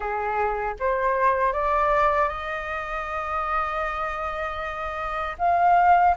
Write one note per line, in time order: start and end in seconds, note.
0.00 0.74 G#4
0.79 1.52 C5
1.52 2.28 D5
2.28 5.36 D#5
5.38 6.15 F5